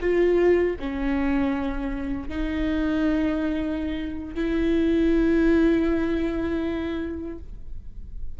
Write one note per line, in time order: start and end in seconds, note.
0.00 0.76 F4
0.79 2.29 C#4
2.29 4.35 D#4
4.35 7.38 E4